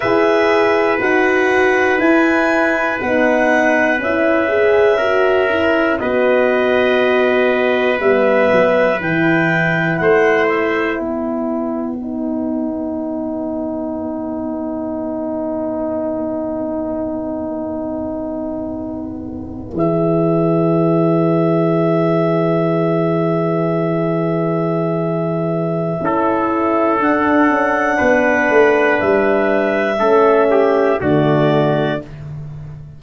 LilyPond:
<<
  \new Staff \with { instrumentName = "clarinet" } { \time 4/4 \tempo 4 = 60 e''4 fis''4 gis''4 fis''4 | e''2 dis''2 | e''4 g''4 fis''8 e''8 fis''4~ | fis''1~ |
fis''2.~ fis''8. e''16~ | e''1~ | e''2. fis''4~ | fis''4 e''2 d''4 | }
  \new Staff \with { instrumentName = "trumpet" } { \time 4/4 b'1~ | b'4 ais'4 b'2~ | b'2 c''4 b'4~ | b'1~ |
b'1~ | b'1~ | b'2 a'2 | b'2 a'8 g'8 fis'4 | }
  \new Staff \with { instrumentName = "horn" } { \time 4/4 gis'4 fis'4 e'4 dis'4 | e'8 gis'8 fis'8 e'8 fis'2 | b4 e'2. | dis'1~ |
dis'2.~ dis'8. gis'16~ | gis'1~ | gis'2 e'4 d'4~ | d'2 cis'4 a4 | }
  \new Staff \with { instrumentName = "tuba" } { \time 4/4 e'4 dis'4 e'4 b4 | cis'2 b2 | g8 fis8 e4 a4 b4~ | b1~ |
b2.~ b8. e16~ | e1~ | e2 cis'4 d'8 cis'8 | b8 a8 g4 a4 d4 | }
>>